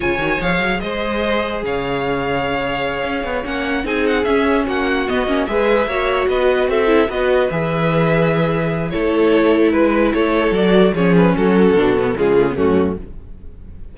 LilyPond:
<<
  \new Staff \with { instrumentName = "violin" } { \time 4/4 \tempo 4 = 148 gis''4 f''4 dis''2 | f''1~ | f''8 fis''4 gis''8 fis''8 e''4 fis''8~ | fis''8 dis''4 e''2 dis''8~ |
dis''8 e''4 dis''4 e''4.~ | e''2 cis''2 | b'4 cis''4 d''4 cis''8 b'8 | a'2 gis'4 fis'4 | }
  \new Staff \with { instrumentName = "violin" } { \time 4/4 cis''2 c''2 | cis''1~ | cis''4. gis'2 fis'8~ | fis'4. b'4 cis''4 b'8~ |
b'8 a'4 b'2~ b'8~ | b'2 a'2 | b'4 a'2 gis'4 | fis'2 f'4 cis'4 | }
  \new Staff \with { instrumentName = "viola" } { \time 4/4 f'8 fis'8 gis'2.~ | gis'1~ | gis'8 cis'4 dis'4 cis'4.~ | cis'8 b8 cis'8 gis'4 fis'4.~ |
fis'4 e'8 fis'4 gis'4.~ | gis'2 e'2~ | e'2 fis'4 cis'4~ | cis'4 d'8 b8 gis8 a16 b16 a4 | }
  \new Staff \with { instrumentName = "cello" } { \time 4/4 cis8 dis8 f8 fis8 gis2 | cis2.~ cis8 cis'8 | b8 ais4 c'4 cis'4 ais8~ | ais8 b8 ais8 gis4 ais4 b8~ |
b8 c'4 b4 e4.~ | e2 a2 | gis4 a4 fis4 f4 | fis4 b,4 cis4 fis,4 | }
>>